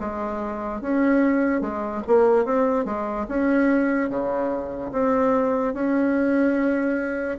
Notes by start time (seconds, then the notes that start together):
0.00 G#3
0.81 C#4
1.61 G#3
2.07 A#3
2.45 C4
2.85 G#3
3.28 C#4
4.09 C#3
4.92 C4
5.74 C#4